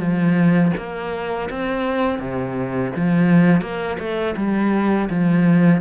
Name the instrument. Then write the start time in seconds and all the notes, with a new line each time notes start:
cello
0.00 F3
0.77 A#3
1.50 C4
2.19 C3
2.96 F3
3.62 A#3
3.99 A3
4.37 G3
5.10 F3